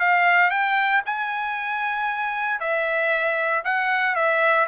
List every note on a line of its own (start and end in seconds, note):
0.00 0.51 F5
0.51 1.02 G5
1.06 2.60 G#5
2.60 3.64 E5
3.65 4.15 F#5
4.15 4.67 E5